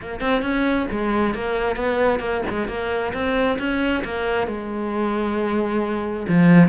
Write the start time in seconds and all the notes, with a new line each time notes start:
0.01 A#3
0.20 C4
0.42 C#4
0.91 G#3
1.34 A#3
1.76 B3
2.19 A#3
2.49 G#3
2.68 A#3
3.13 C4
3.58 C#4
4.04 A#3
4.47 G#3
6.28 F3